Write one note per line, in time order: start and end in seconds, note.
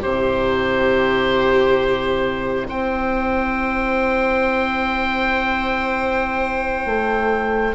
0.00 2.69 C3
0.00 7.73 E4
0.00 2.65 G4
0.00 2.67 C5
2.67 6.86 C4
2.67 7.74 C5
2.67 7.74 G5
6.86 7.74 A3